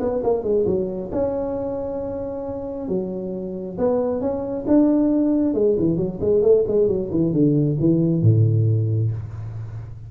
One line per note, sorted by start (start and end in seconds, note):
0.00 0.22 B3
0.23 0.43 A#3
0.43 0.65 G#3
0.66 1.11 F#3
1.12 2.88 C#4
2.88 3.77 F#3
3.78 4.21 B3
4.21 4.65 C#4
4.67 5.54 D4
5.54 5.76 G#3
5.79 5.97 E3
5.97 6.19 F#3
6.20 6.42 G#3
6.42 6.64 A3
6.67 6.88 G#3
6.88 7.10 F#3
7.11 7.33 E3
7.33 7.77 D3
7.79 8.22 E3
8.22 9.11 A2